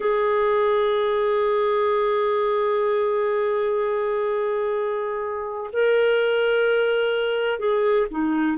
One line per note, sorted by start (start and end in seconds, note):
0.00 5.70 G#4
5.72 7.59 A#4
7.59 8.06 G#4
8.10 8.57 D#4